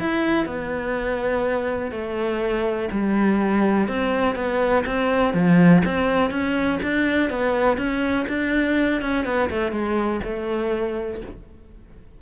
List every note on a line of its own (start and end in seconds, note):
0.00 0.46 E4
0.46 1.92 B3
1.92 2.89 A3
2.91 3.88 G3
3.88 4.36 C4
4.36 4.84 B3
4.86 5.34 C4
5.34 5.83 F3
5.85 6.31 C4
6.31 6.79 C#4
6.83 7.30 D4
7.30 7.78 B3
7.78 8.26 C#4
8.28 9.02 D4
9.02 9.25 C#4
9.25 9.50 B3
9.50 9.72 A3
9.72 10.21 G#3
10.24 11.22 A3